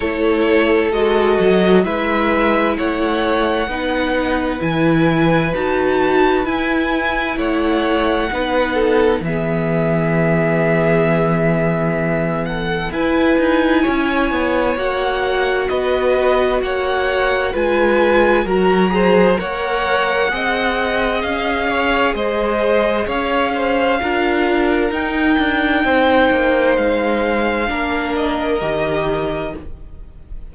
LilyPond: <<
  \new Staff \with { instrumentName = "violin" } { \time 4/4 \tempo 4 = 65 cis''4 dis''4 e''4 fis''4~ | fis''4 gis''4 a''4 gis''4 | fis''2 e''2~ | e''4. fis''8 gis''2 |
fis''4 dis''4 fis''4 gis''4 | ais''4 fis''2 f''4 | dis''4 f''2 g''4~ | g''4 f''4. dis''4. | }
  \new Staff \with { instrumentName = "violin" } { \time 4/4 a'2 b'4 cis''4 | b'1 | cis''4 b'8 a'8 gis'2~ | gis'4. a'8 b'4 cis''4~ |
cis''4 b'4 cis''4 b'4 | ais'8 c''8 cis''4 dis''4. cis''8 | c''4 cis''8 c''8 ais'2 | c''2 ais'2 | }
  \new Staff \with { instrumentName = "viola" } { \time 4/4 e'4 fis'4 e'2 | dis'4 e'4 fis'4 e'4~ | e'4 dis'4 b2~ | b2 e'2 |
fis'2. f'4 | fis'8 gis'8 ais'4 gis'2~ | gis'2 f'4 dis'4~ | dis'2 d'4 g'4 | }
  \new Staff \with { instrumentName = "cello" } { \time 4/4 a4 gis8 fis8 gis4 a4 | b4 e4 dis'4 e'4 | a4 b4 e2~ | e2 e'8 dis'8 cis'8 b8 |
ais4 b4 ais4 gis4 | fis4 ais4 c'4 cis'4 | gis4 cis'4 d'4 dis'8 d'8 | c'8 ais8 gis4 ais4 dis4 | }
>>